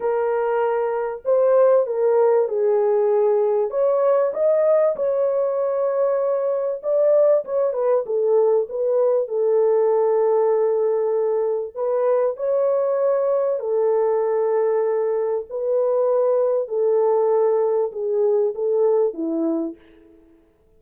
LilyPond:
\new Staff \with { instrumentName = "horn" } { \time 4/4 \tempo 4 = 97 ais'2 c''4 ais'4 | gis'2 cis''4 dis''4 | cis''2. d''4 | cis''8 b'8 a'4 b'4 a'4~ |
a'2. b'4 | cis''2 a'2~ | a'4 b'2 a'4~ | a'4 gis'4 a'4 e'4 | }